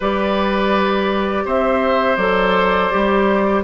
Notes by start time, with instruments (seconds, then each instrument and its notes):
0.00 bassoon G3, clarinet G4, oboe B4, flute D5
1.45 bassoon C4, oboe C5, flute E5
2.16 bassoon F#3, clarinet A4, flute D5
2.91 bassoon G3, clarinet G4